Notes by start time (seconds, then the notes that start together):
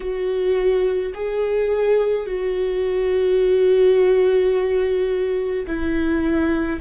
0.00 F#4
1.14 G#4
2.26 F#4
5.67 E4